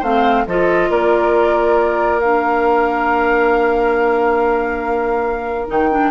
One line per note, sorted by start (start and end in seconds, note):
0.00 0.46 A3
0.00 0.47 C4
0.00 0.43 C5
0.00 0.47 F5
0.47 0.90 F3
0.47 2.20 F4
0.47 0.90 A4
0.47 0.91 D#5
0.90 5.69 A#3
0.90 6.12 A#4
0.90 2.20 D5
2.20 5.68 D4
2.20 5.68 F5
5.68 6.12 D#3
5.68 5.90 D#4
5.68 6.12 G5
5.91 6.12 D4